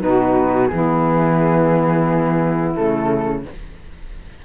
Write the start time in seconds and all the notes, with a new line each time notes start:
0.00 B2 D#4 F#4 B4
0.67 E3 B3 E4 G#4
2.75 C#3 A3 A4